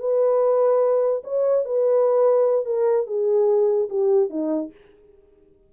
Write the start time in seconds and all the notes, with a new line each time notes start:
0.00 B4
1.24 C#5
1.65 B4
2.66 A#4
3.07 G#4
3.90 G4
4.31 D#4